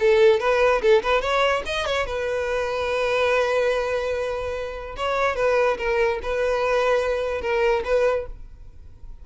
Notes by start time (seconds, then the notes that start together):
0.00 A4
0.40 B4
0.82 A4
1.03 B4
1.21 C#5
1.66 D#5
1.86 C#5
2.06 B4
4.97 C#5
5.36 B4
5.78 A#4
6.23 B4
7.42 A#4
7.85 B4